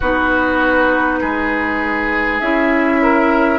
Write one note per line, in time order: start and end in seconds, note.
0.00 1.21 B3
0.00 2.42 D#4
0.00 1.19 F#4
0.00 2.40 B4
1.20 2.41 G#3
1.20 3.00 G#4
2.40 3.58 C#4
2.40 3.58 E4
2.40 3.58 E5
3.02 3.58 A#4